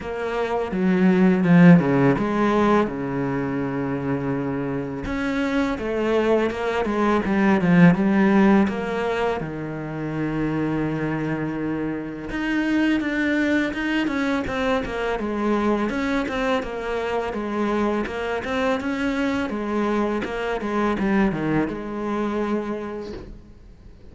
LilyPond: \new Staff \with { instrumentName = "cello" } { \time 4/4 \tempo 4 = 83 ais4 fis4 f8 cis8 gis4 | cis2. cis'4 | a4 ais8 gis8 g8 f8 g4 | ais4 dis2.~ |
dis4 dis'4 d'4 dis'8 cis'8 | c'8 ais8 gis4 cis'8 c'8 ais4 | gis4 ais8 c'8 cis'4 gis4 | ais8 gis8 g8 dis8 gis2 | }